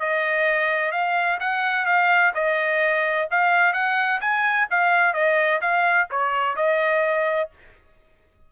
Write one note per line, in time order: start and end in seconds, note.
0.00 0.92 D#5
0.92 1.39 F5
1.40 1.86 F#5
1.86 2.33 F5
2.35 3.29 D#5
3.31 3.74 F5
3.74 4.21 F#5
4.21 4.68 G#5
4.71 5.14 F5
5.14 5.61 D#5
5.62 6.09 F5
6.11 6.56 C#5
6.56 7.50 D#5